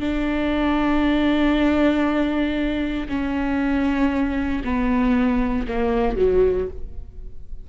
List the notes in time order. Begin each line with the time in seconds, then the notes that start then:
0.00 D4
3.09 C#4
4.65 B3
5.68 A#3
6.16 F#3